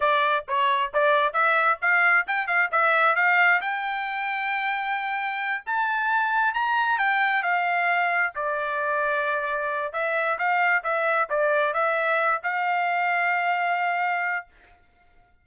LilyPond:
\new Staff \with { instrumentName = "trumpet" } { \time 4/4 \tempo 4 = 133 d''4 cis''4 d''4 e''4 | f''4 g''8 f''8 e''4 f''4 | g''1~ | g''8 a''2 ais''4 g''8~ |
g''8 f''2 d''4.~ | d''2 e''4 f''4 | e''4 d''4 e''4. f''8~ | f''1 | }